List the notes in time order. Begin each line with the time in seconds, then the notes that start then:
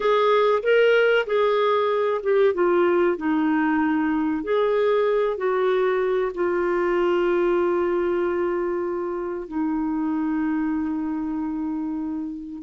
0.00 G#4
0.62 A#4
1.26 G#4
2.22 G4
2.53 F4
3.17 D#4
4.43 G#4
5.37 F#4
6.34 F4
9.47 D#4